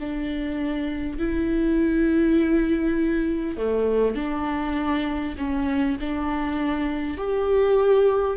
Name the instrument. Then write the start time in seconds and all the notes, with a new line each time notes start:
viola
0.00 D4
1.19 E4
3.58 A3
4.16 D4
5.38 C#4
6.01 D4
7.18 G4